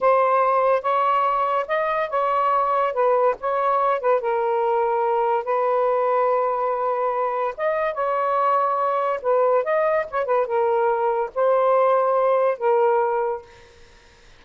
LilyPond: \new Staff \with { instrumentName = "saxophone" } { \time 4/4 \tempo 4 = 143 c''2 cis''2 | dis''4 cis''2 b'4 | cis''4. b'8 ais'2~ | ais'4 b'2.~ |
b'2 dis''4 cis''4~ | cis''2 b'4 dis''4 | cis''8 b'8 ais'2 c''4~ | c''2 ais'2 | }